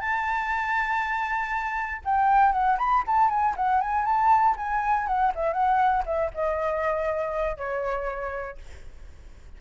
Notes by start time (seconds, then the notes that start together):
0.00 A5
2.05 G5
2.52 F#5
2.78 B5
3.07 A5
3.29 G#5
3.56 F#5
3.81 G#5
4.05 A5
4.56 G#5
5.07 F#5
5.35 E5
5.53 F#5
6.06 E5
6.34 D#5
7.57 C#5